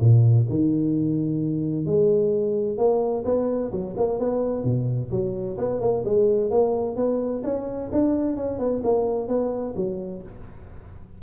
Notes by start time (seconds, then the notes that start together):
0.00 A#2
0.49 D#3
1.86 G#3
2.77 A#3
3.25 B3
3.71 F#3
3.97 A#3
4.19 B3
4.64 B2
5.11 F#3
5.58 B3
5.81 A#3
6.05 G#3
6.51 A#3
6.96 B3
7.44 C#4
7.92 D4
8.36 C#4
8.59 B3
8.84 A#3
9.28 B3
9.76 F#3